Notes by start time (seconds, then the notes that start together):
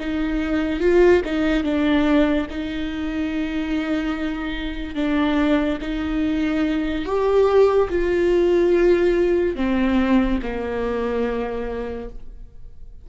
0.00 D#4
0.81 F4
1.25 D#4
1.64 D4
2.50 D#4
4.95 D4
5.81 D#4
7.06 G4
7.90 F4
9.56 C4
10.43 A#3